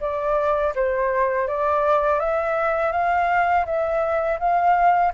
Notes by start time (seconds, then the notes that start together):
0.00 D5
0.75 C5
1.47 D5
2.19 E5
2.91 F5
3.65 E5
4.39 F5